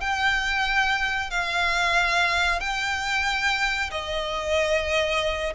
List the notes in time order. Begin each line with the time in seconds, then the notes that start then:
0.00 G5
1.30 F5
2.60 G5
3.90 D#5